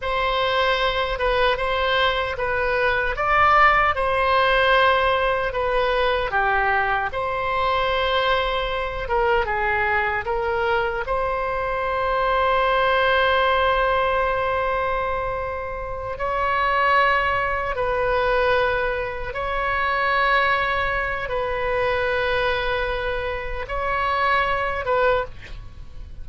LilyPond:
\new Staff \with { instrumentName = "oboe" } { \time 4/4 \tempo 4 = 76 c''4. b'8 c''4 b'4 | d''4 c''2 b'4 | g'4 c''2~ c''8 ais'8 | gis'4 ais'4 c''2~ |
c''1~ | c''8 cis''2 b'4.~ | b'8 cis''2~ cis''8 b'4~ | b'2 cis''4. b'8 | }